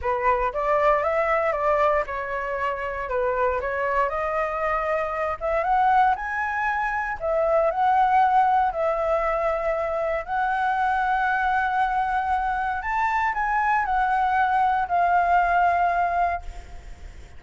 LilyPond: \new Staff \with { instrumentName = "flute" } { \time 4/4 \tempo 4 = 117 b'4 d''4 e''4 d''4 | cis''2 b'4 cis''4 | dis''2~ dis''8 e''8 fis''4 | gis''2 e''4 fis''4~ |
fis''4 e''2. | fis''1~ | fis''4 a''4 gis''4 fis''4~ | fis''4 f''2. | }